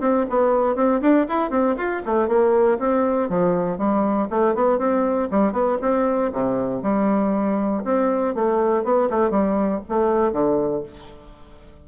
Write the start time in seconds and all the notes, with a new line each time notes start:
0.00 C4
0.29 B3
0.75 C4
1.01 D4
1.28 E4
1.50 C4
1.76 F4
2.05 A3
2.27 A#3
2.78 C4
3.29 F3
3.77 G3
4.30 A3
4.54 B3
4.78 C4
5.30 G3
5.52 B3
5.81 C4
6.32 C3
6.82 G3
7.84 C4
8.34 A3
8.84 B3
9.09 A3
9.30 G3
9.88 A3
10.32 D3